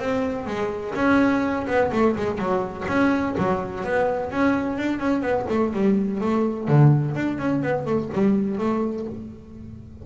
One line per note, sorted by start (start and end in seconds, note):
0.00 0.47 C4
0.47 0.95 G#3
0.95 1.66 C#4
1.67 1.91 B3
1.92 2.16 A3
2.16 2.39 G#3
2.39 2.86 F#3
2.89 3.36 C#4
3.38 3.84 F#3
3.84 4.31 B3
4.31 4.78 C#4
4.78 4.99 D4
4.99 5.22 C#4
5.22 5.46 B3
5.50 5.73 A3
5.73 6.21 G3
6.21 6.68 A3
6.68 7.15 D3
7.15 7.39 D4
7.39 7.63 C#4
7.63 7.86 B3
7.86 8.10 A3
8.13 8.59 G3
8.59 9.06 A3